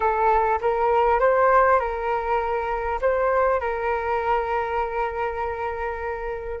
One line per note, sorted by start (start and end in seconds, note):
0.00 0.59 A4
0.61 1.19 A#4
1.19 1.79 C5
1.79 2.99 A#4
3.01 3.60 C5
3.60 6.60 A#4